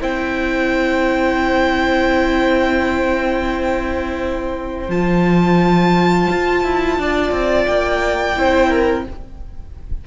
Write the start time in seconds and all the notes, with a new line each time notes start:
0.00 C4 E4 C5 G5
4.88 F3 F4 A5
6.29 F4
6.64 E4
6.98 D4 D5
7.31 C4
7.65 A#3 G5
8.35 C4 E4 C5
8.69 A#4